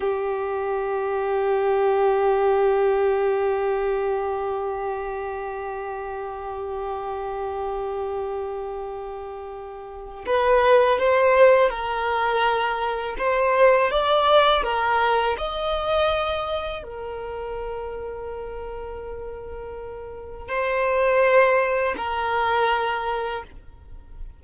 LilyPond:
\new Staff \with { instrumentName = "violin" } { \time 4/4 \tempo 4 = 82 g'1~ | g'1~ | g'1~ | g'2 b'4 c''4 |
ais'2 c''4 d''4 | ais'4 dis''2 ais'4~ | ais'1 | c''2 ais'2 | }